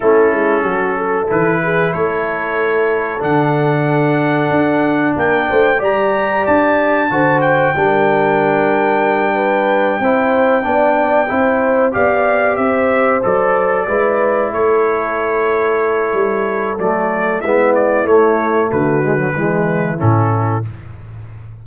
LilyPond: <<
  \new Staff \with { instrumentName = "trumpet" } { \time 4/4 \tempo 4 = 93 a'2 b'4 cis''4~ | cis''4 fis''2. | g''4 ais''4 a''4. g''8~ | g''1~ |
g''2~ g''8 f''4 e''8~ | e''8 d''2 cis''4.~ | cis''2 d''4 e''8 d''8 | cis''4 b'2 a'4 | }
  \new Staff \with { instrumentName = "horn" } { \time 4/4 e'4 fis'8 a'4 gis'8 a'4~ | a'1 | ais'8 c''8 d''2 c''4 | ais'2~ ais'8 b'4 c''8~ |
c''8 d''4 c''4 d''4 c''8~ | c''4. b'4 a'4.~ | a'2. e'4~ | e'4 fis'4 e'2 | }
  \new Staff \with { instrumentName = "trombone" } { \time 4/4 cis'2 e'2~ | e'4 d'2.~ | d'4 g'2 fis'4 | d'2.~ d'8 e'8~ |
e'8 d'4 e'4 g'4.~ | g'8 a'4 e'2~ e'8~ | e'2 a4 b4 | a4. gis16 fis16 gis4 cis'4 | }
  \new Staff \with { instrumentName = "tuba" } { \time 4/4 a8 gis8 fis4 e4 a4~ | a4 d2 d'4 | ais8 a8 g4 d'4 d4 | g2.~ g8 c'8~ |
c'8 b4 c'4 b4 c'8~ | c'8 fis4 gis4 a4.~ | a4 g4 fis4 gis4 | a4 d4 e4 a,4 | }
>>